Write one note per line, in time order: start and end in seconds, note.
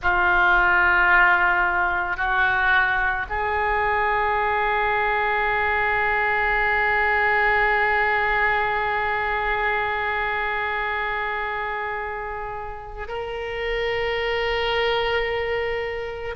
0.02 2.17 F4
2.17 3.26 F#4
3.29 13.08 G#4
13.08 16.35 A#4